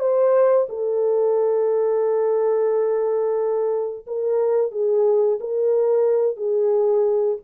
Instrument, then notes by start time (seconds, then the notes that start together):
horn
0.00 C5
0.70 A4
4.07 A#4
4.72 G#4
5.41 A#4
6.37 G#4